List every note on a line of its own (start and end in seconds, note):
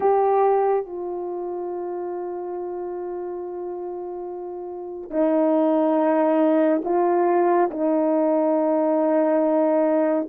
0.00 0.86 G4
0.86 5.10 F4
5.10 6.81 D#4
6.84 7.69 F4
7.70 10.27 D#4